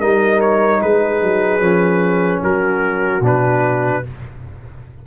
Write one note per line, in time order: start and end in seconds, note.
0.00 0.81 G3
0.00 1.61 D#4
0.00 0.80 A#4
0.00 0.40 D#5
0.41 0.81 C#5
0.82 1.22 G#3
0.82 2.43 G#4
0.82 2.42 B4
1.22 1.61 F#3
1.61 2.41 F3
1.61 3.21 C#4
2.43 3.21 F#3
2.43 4.03 F#4
2.43 3.24 A#4
3.21 4.01 B2
3.21 4.03 D4
3.27 4.07 B4